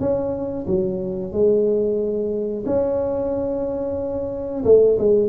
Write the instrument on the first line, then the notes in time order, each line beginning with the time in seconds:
tuba
0.00 C#4
0.67 F#3
1.33 G#3
2.66 C#4
4.65 A3
4.99 G#3